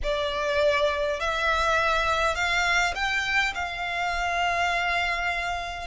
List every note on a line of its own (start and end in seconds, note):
0.03 1.20 D5
1.20 2.35 E5
2.35 2.94 F5
2.94 3.53 G5
3.54 5.87 F5